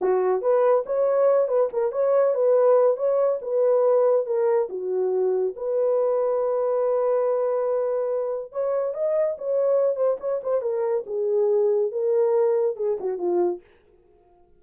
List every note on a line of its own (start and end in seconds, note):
0.01 0.41 F#4
0.41 0.84 B4
0.85 1.47 C#5
1.47 1.69 B4
1.72 1.91 A#4
1.91 2.34 C#5
2.34 2.96 B4
2.96 3.39 C#5
3.41 4.26 B4
4.26 4.68 A#4
4.69 5.54 F#4
5.55 8.52 B4
8.52 8.94 C#5
8.94 9.36 D#5
9.38 9.96 C#5
9.96 10.17 C5
10.20 10.41 C#5
10.43 10.61 C5
10.61 11.04 A#4
11.06 11.91 G#4
11.91 12.76 A#4
12.76 12.97 G#4
13.00 13.18 F#4
13.18 13.60 F4